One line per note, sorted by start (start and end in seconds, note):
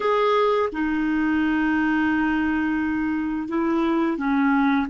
0.00 0.69 G#4
0.72 3.48 D#4
3.48 4.17 E4
4.17 4.87 C#4